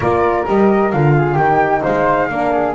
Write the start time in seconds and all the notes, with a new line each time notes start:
0.00 A#3 F4 A#4 D5
0.46 G3 G4 D#5
0.91 D3 F4 F5
1.16 G#4
1.33 D#3 D#4 G4 G5
1.82 G#3 C5 F5
2.29 A#3 D4 A#4
2.52 G#4